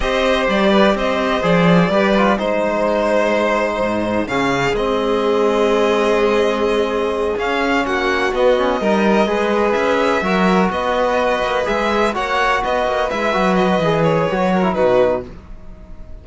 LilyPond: <<
  \new Staff \with { instrumentName = "violin" } { \time 4/4 \tempo 4 = 126 dis''4 d''4 dis''4 d''4~ | d''4 c''2.~ | c''4 f''4 dis''2~ | dis''2.~ dis''8 f''8~ |
f''8 fis''4 dis''2~ dis''8~ | dis''8 e''2 dis''4.~ | dis''8 e''4 fis''4 dis''4 e''8~ | e''8 dis''4 cis''4. b'4 | }
  \new Staff \with { instrumentName = "violin" } { \time 4/4 c''4. b'8 c''2 | b'4 c''2.~ | c''4 gis'2.~ | gis'1~ |
gis'8 fis'2 ais'4 b'8~ | b'4. ais'4 b'4.~ | b'4. cis''4 b'4.~ | b'2~ b'8 ais'8 fis'4 | }
  \new Staff \with { instrumentName = "trombone" } { \time 4/4 g'2. gis'4 | g'8 f'8 dis'2.~ | dis'4 cis'4 c'2~ | c'2.~ c'8 cis'8~ |
cis'4. b8 cis'8 dis'4 gis'8~ | gis'4. fis'2~ fis'8~ | fis'8 gis'4 fis'2 e'8 | fis'4 gis'4 fis'8. e'16 dis'4 | }
  \new Staff \with { instrumentName = "cello" } { \time 4/4 c'4 g4 c'4 f4 | g4 gis2. | gis,4 cis4 gis2~ | gis2.~ gis8 cis'8~ |
cis'8 ais4 b4 g4 gis8~ | gis8 cis'4 fis4 b4. | ais8 gis4 ais4 b8 ais8 gis8 | fis4 e4 fis4 b,4 | }
>>